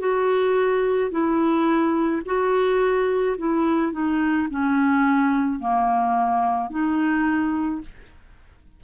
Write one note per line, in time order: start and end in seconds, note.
0.00 1.11 F#4
1.11 2.22 E4
2.26 3.37 F#4
3.38 3.92 E4
3.92 4.48 D#4
4.51 5.60 C#4
5.60 6.70 A#3
6.70 7.81 D#4